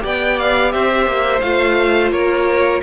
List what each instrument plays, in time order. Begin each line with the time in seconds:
0.00 cello B3, viola G4, violin D5 G5
0.39 violin F5
0.72 cello C4, violin C5 E5
1.06 cello A#3
1.40 cello A3, viola F4, violin F5
2.11 cello A#3, violin A#4 C#5